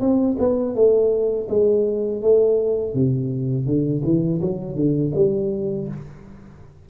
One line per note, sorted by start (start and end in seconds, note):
0.00 0.37 C4
0.39 0.75 B3
0.75 1.48 A3
1.49 2.22 G#3
2.22 2.94 A3
2.94 3.66 C3
3.66 4.02 D3
4.04 4.41 E3
4.41 4.75 F#3
4.75 5.12 D3
5.15 5.88 G3